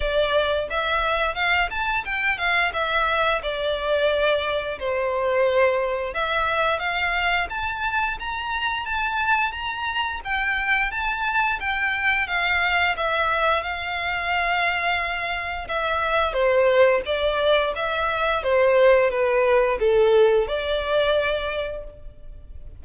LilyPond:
\new Staff \with { instrumentName = "violin" } { \time 4/4 \tempo 4 = 88 d''4 e''4 f''8 a''8 g''8 f''8 | e''4 d''2 c''4~ | c''4 e''4 f''4 a''4 | ais''4 a''4 ais''4 g''4 |
a''4 g''4 f''4 e''4 | f''2. e''4 | c''4 d''4 e''4 c''4 | b'4 a'4 d''2 | }